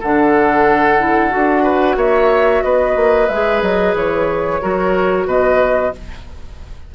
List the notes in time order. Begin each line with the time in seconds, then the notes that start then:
0.00 D3 D4 A4 F#5
0.98 E4
1.30 D4 F#4
1.63 B4
1.96 A#3 C#5 E5
2.63 B3 B4 D#5
2.96 A#3
3.29 G#3 G#4 E5
3.62 F#3 D#5
3.95 E3 C#5
4.62 F#3 F#4 A#4
5.26 B2 B4 D#5